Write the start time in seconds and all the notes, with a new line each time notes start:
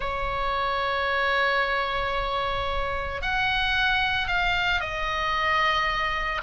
0.00 C#5
3.21 F#5
4.27 F5
4.80 D#5